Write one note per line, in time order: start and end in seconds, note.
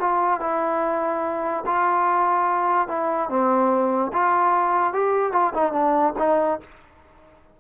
0.00 0.41 F4
0.41 1.64 E4
1.66 2.88 F4
2.88 3.29 E4
3.30 4.12 C4
4.13 4.93 F4
4.93 5.33 G4
5.33 5.53 F4
5.54 5.73 D#4
5.73 6.14 D4
6.19 6.60 D#4